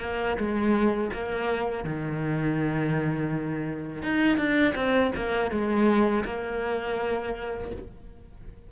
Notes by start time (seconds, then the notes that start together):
0.00 A#3
0.37 G#3
1.13 A#3
1.84 D#3
4.02 D#4
4.37 D4
4.75 C4
5.16 A#3
5.51 G#3
6.25 A#3